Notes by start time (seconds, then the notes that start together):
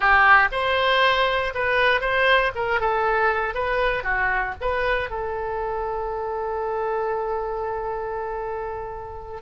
0.00 G4
0.51 C5
1.54 B4
2.00 C5
2.55 A#4
2.80 A4
3.54 B4
4.03 F#4
4.61 B4
5.10 A4